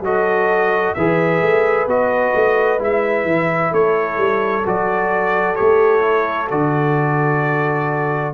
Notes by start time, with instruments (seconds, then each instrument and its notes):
0.00 tuba F#3, trombone F#4, horn A4, trumpet D#5
0.94 tuba E3, trombone G#4, horn B4, trumpet E5
1.42 tuba A3
1.87 tuba B3, trombone F#4, trumpet D#5
2.34 tuba A3
2.78 tuba G#3, trombone E4, trumpet E5
3.25 tuba E3
3.72 tuba A3, horn A4, trumpet C#5
4.17 tuba G3
4.65 tuba F#3, trombone F#4, trumpet D5
5.55 tuba A3, trombone G4, trumpet C#5
6.01 trombone E4
6.50 tuba D3, trombone F#4, trumpet D5